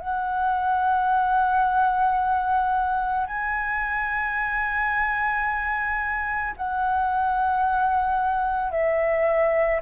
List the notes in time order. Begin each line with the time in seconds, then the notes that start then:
0.00 F#5
3.27 G#5
6.57 F#5
8.71 E5